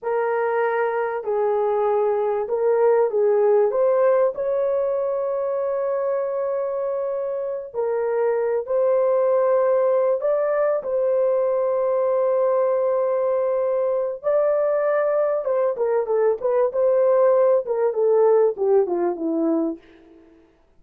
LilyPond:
\new Staff \with { instrumentName = "horn" } { \time 4/4 \tempo 4 = 97 ais'2 gis'2 | ais'4 gis'4 c''4 cis''4~ | cis''1~ | cis''8 ais'4. c''2~ |
c''8 d''4 c''2~ c''8~ | c''2. d''4~ | d''4 c''8 ais'8 a'8 b'8 c''4~ | c''8 ais'8 a'4 g'8 f'8 e'4 | }